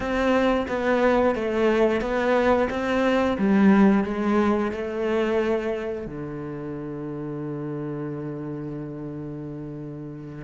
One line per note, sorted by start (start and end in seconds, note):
0.00 0.66 C4
0.68 1.35 B3
1.35 2.01 A3
2.01 2.68 B3
2.70 3.37 C4
3.38 4.04 G3
4.04 4.71 G#3
4.71 6.06 A3
6.06 10.44 D3